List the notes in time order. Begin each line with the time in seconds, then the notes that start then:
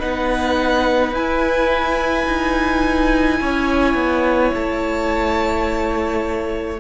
0.00 B3 D#4 B4 F#5
1.12 E4 G#5
2.27 D#4
3.41 C#4 C#5
3.95 B3
4.54 A3 A5